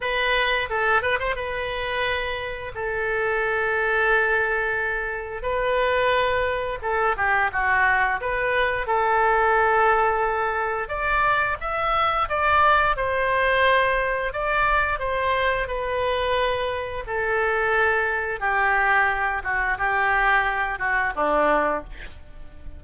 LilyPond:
\new Staff \with { instrumentName = "oboe" } { \time 4/4 \tempo 4 = 88 b'4 a'8 b'16 c''16 b'2 | a'1 | b'2 a'8 g'8 fis'4 | b'4 a'2. |
d''4 e''4 d''4 c''4~ | c''4 d''4 c''4 b'4~ | b'4 a'2 g'4~ | g'8 fis'8 g'4. fis'8 d'4 | }